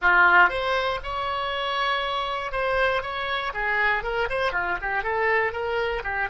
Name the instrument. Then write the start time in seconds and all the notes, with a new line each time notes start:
oboe
0.01 F4
0.49 C5
1.03 C#5
2.52 C5
3.02 C#5
3.53 G#4
4.03 A#4
4.29 C5
4.52 F4
4.81 G4
5.03 A4
5.52 A#4
6.03 G4